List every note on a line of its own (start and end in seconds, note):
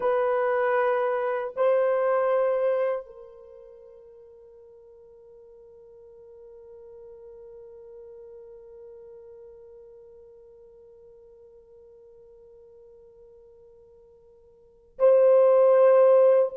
0.00 1.53 B4
1.56 3.06 C5
3.06 14.98 A#4
14.98 16.52 C5